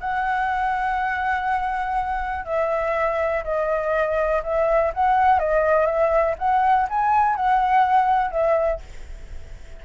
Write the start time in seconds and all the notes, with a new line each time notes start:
0.00 F#5
2.45 E5
3.44 D#5
4.43 E5
4.94 F#5
5.39 D#5
5.86 E5
6.38 F#5
6.89 G#5
7.35 F#5
8.31 E5